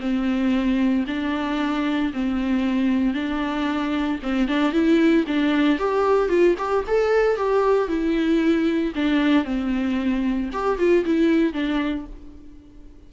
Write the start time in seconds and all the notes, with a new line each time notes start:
0.00 C4
1.07 D4
2.13 C4
3.14 D4
4.23 C4
4.48 D4
4.72 E4
5.28 D4
5.79 G4
6.29 F4
6.58 G4
6.87 A4
7.37 G4
7.88 E4
8.95 D4
9.44 C4
10.53 G4
10.78 F4
11.06 E4
11.53 D4